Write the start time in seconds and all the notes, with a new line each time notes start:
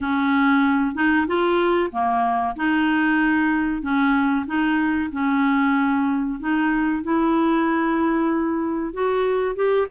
0.00 C#4
0.94 D#4
1.27 F4
1.91 A#3
2.56 D#4
3.82 C#4
4.46 D#4
5.12 C#4
6.39 D#4
7.03 E4
8.93 F#4
9.55 G4